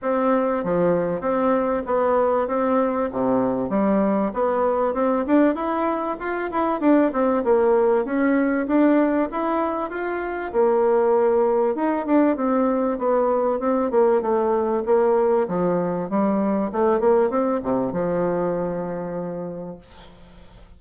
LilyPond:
\new Staff \with { instrumentName = "bassoon" } { \time 4/4 \tempo 4 = 97 c'4 f4 c'4 b4 | c'4 c4 g4 b4 | c'8 d'8 e'4 f'8 e'8 d'8 c'8 | ais4 cis'4 d'4 e'4 |
f'4 ais2 dis'8 d'8 | c'4 b4 c'8 ais8 a4 | ais4 f4 g4 a8 ais8 | c'8 c8 f2. | }